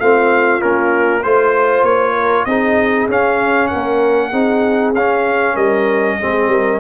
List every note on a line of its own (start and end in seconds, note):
0.00 0.62 A3
0.00 0.61 C4
0.00 1.24 F4
0.00 0.62 F5
0.61 1.25 A#3
0.61 1.23 C#4
0.61 1.23 A#4
1.23 1.83 A3
1.23 2.48 F4
1.23 1.85 C5
1.23 2.14 C5
1.83 2.45 A#3
1.83 2.45 C#5
2.14 2.45 A#4
2.45 3.08 C4
2.45 3.10 D#4
2.45 3.71 G#4
2.45 3.07 D#5
3.09 3.71 C#4
3.09 4.32 C#4
3.09 3.68 F5
3.68 4.31 A#4
3.68 4.91 F#5
3.75 4.33 A#3
4.31 4.94 C4
4.31 4.94 D#4
4.31 5.54 G#4
4.94 5.56 C#4
4.94 6.20 C#4
4.94 5.57 F5
5.54 6.18 G3
5.54 6.16 A#4
5.54 6.80 D#5
6.20 6.48 G#3
6.20 6.80 C4
6.20 6.50 G#4
6.48 6.79 G3
6.48 6.80 A#4